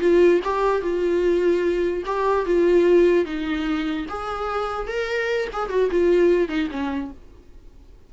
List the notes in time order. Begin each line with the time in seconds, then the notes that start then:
0.00 F4
0.44 G4
0.82 F4
2.05 G4
2.45 F4
3.25 D#4
4.09 G#4
4.87 A#4
5.53 G#4
5.69 F#4
5.91 F4
6.48 D#4
6.71 C#4